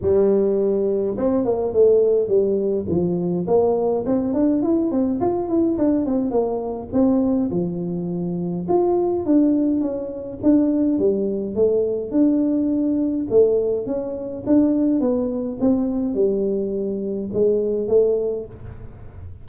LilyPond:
\new Staff \with { instrumentName = "tuba" } { \time 4/4 \tempo 4 = 104 g2 c'8 ais8 a4 | g4 f4 ais4 c'8 d'8 | e'8 c'8 f'8 e'8 d'8 c'8 ais4 | c'4 f2 f'4 |
d'4 cis'4 d'4 g4 | a4 d'2 a4 | cis'4 d'4 b4 c'4 | g2 gis4 a4 | }